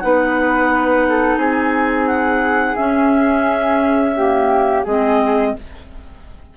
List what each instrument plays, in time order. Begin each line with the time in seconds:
0.00 bassoon B3, clarinet D#4 F#5, flute B4
1.09 flute A4
1.37 bassoon C4, flute G#4, clarinet G#5
2.07 clarinet F#5
2.76 clarinet C#4 E5, bassoon C#4
4.16 clarinet A#3, flute G4
4.84 bassoon G#3, clarinet C4 D#5, flute G#4